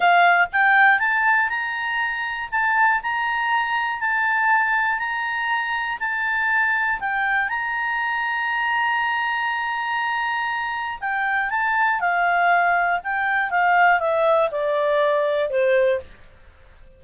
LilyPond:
\new Staff \with { instrumentName = "clarinet" } { \time 4/4 \tempo 4 = 120 f''4 g''4 a''4 ais''4~ | ais''4 a''4 ais''2 | a''2 ais''2 | a''2 g''4 ais''4~ |
ais''1~ | ais''2 g''4 a''4 | f''2 g''4 f''4 | e''4 d''2 c''4 | }